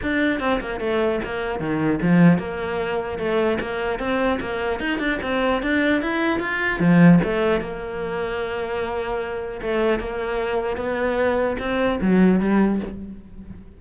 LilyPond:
\new Staff \with { instrumentName = "cello" } { \time 4/4 \tempo 4 = 150 d'4 c'8 ais8 a4 ais4 | dis4 f4 ais2 | a4 ais4 c'4 ais4 | dis'8 d'8 c'4 d'4 e'4 |
f'4 f4 a4 ais4~ | ais1 | a4 ais2 b4~ | b4 c'4 fis4 g4 | }